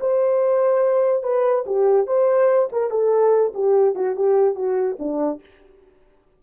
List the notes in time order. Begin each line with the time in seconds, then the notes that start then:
0.00 C5
1.23 B4
1.66 G4
2.06 C5
2.72 A#4
2.90 A4
3.54 G4
3.95 F#4
4.16 G4
4.55 F#4
4.99 D4